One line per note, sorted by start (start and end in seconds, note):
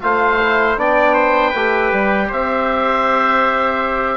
0.00 0.77 A3
0.00 0.39 F4
0.00 0.79 C5
0.00 0.76 F5
0.40 0.77 E4
0.77 1.53 B3
0.77 1.53 D4
0.77 1.14 D5
0.77 2.31 G5
1.14 1.49 C5
1.49 1.91 A3
1.49 2.25 B4
1.55 4.17 G4
1.91 2.29 G3
2.28 4.17 C4
2.28 4.17 C5
2.28 4.17 E5